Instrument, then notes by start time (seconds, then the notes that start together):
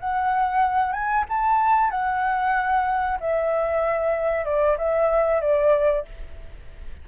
flute
0.00 F#5
0.93 G#5
1.29 A5
1.91 F#5
3.21 E5
4.46 D5
4.78 E5
5.42 D5